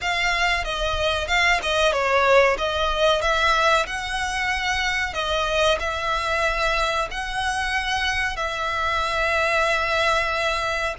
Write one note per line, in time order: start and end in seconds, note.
0.01 0.64 F5
0.64 1.27 D#5
1.27 1.60 F5
1.62 1.92 D#5
1.92 2.56 C#5
2.57 3.21 D#5
3.21 3.86 E5
3.86 5.13 F#5
5.13 5.77 D#5
5.79 7.08 E5
7.11 8.36 F#5
8.36 10.94 E5